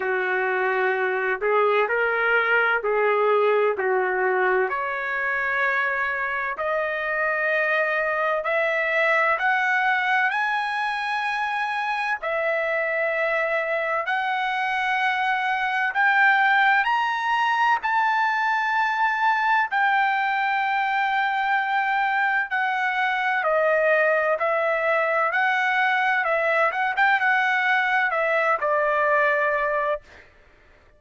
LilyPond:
\new Staff \with { instrumentName = "trumpet" } { \time 4/4 \tempo 4 = 64 fis'4. gis'8 ais'4 gis'4 | fis'4 cis''2 dis''4~ | dis''4 e''4 fis''4 gis''4~ | gis''4 e''2 fis''4~ |
fis''4 g''4 ais''4 a''4~ | a''4 g''2. | fis''4 dis''4 e''4 fis''4 | e''8 fis''16 g''16 fis''4 e''8 d''4. | }